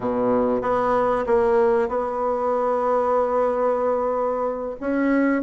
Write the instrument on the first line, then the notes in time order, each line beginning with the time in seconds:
bassoon
0.00 B2
0.61 B3
1.26 A#3
1.88 B3
4.80 C#4